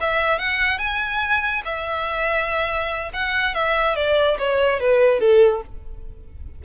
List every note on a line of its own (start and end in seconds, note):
0.00 0.39 E5
0.39 0.78 F#5
0.78 1.62 G#5
1.64 3.11 E5
3.13 3.54 F#5
3.54 3.95 E5
3.95 4.37 D5
4.38 4.80 C#5
4.80 5.20 B4
5.20 5.62 A4